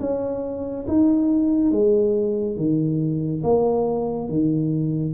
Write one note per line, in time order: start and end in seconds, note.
0.00 0.86 C#4
0.88 1.71 D#4
1.71 2.56 G#3
2.56 3.42 D#3
3.43 4.29 A#3
4.29 5.14 D#3